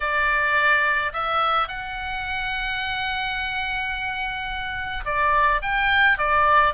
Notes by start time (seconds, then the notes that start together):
0.00 D5
1.12 E5
1.67 F#5
5.05 D5
5.62 G5
6.18 D5